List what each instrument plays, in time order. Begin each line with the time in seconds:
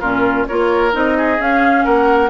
0.00 bassoon A#2, clarinet C#4, oboe F4, flute A#4
0.47 bassoon A#3, clarinet F4, oboe A#4, flute C#5
0.91 bassoon C4, clarinet D#4, flute D#5
1.17 oboe G#4
1.39 bassoon C#4, clarinet C#4, flute F5
1.84 bassoon A#3, oboe A#4, flute F#5